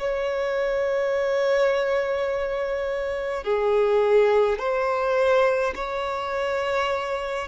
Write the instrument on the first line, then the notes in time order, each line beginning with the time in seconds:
violin
0.00 C#5
3.44 G#4
4.59 C5
5.75 C#5